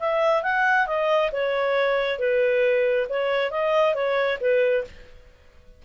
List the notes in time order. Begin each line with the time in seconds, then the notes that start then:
0.00 E5
0.43 F#5
0.87 D#5
1.32 C#5
2.19 B4
3.09 C#5
3.51 D#5
3.95 C#5
4.41 B4